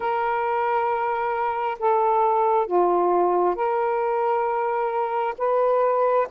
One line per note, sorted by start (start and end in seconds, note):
0.00 1.77 A#4
1.79 2.66 A4
2.66 3.55 F4
3.55 5.34 A#4
5.37 6.27 B4